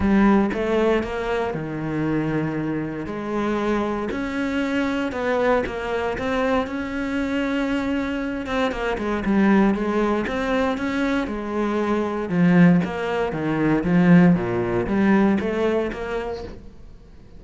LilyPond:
\new Staff \with { instrumentName = "cello" } { \time 4/4 \tempo 4 = 117 g4 a4 ais4 dis4~ | dis2 gis2 | cis'2 b4 ais4 | c'4 cis'2.~ |
cis'8 c'8 ais8 gis8 g4 gis4 | c'4 cis'4 gis2 | f4 ais4 dis4 f4 | ais,4 g4 a4 ais4 | }